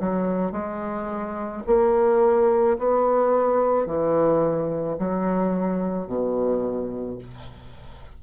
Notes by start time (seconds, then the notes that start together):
0.00 F#3
0.52 G#3
1.67 A#3
2.78 B3
3.86 E3
4.99 F#3
6.07 B2